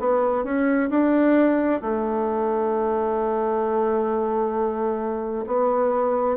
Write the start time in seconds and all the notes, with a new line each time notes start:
0.00 B3
0.44 C#4
0.90 D4
1.82 A3
5.47 B3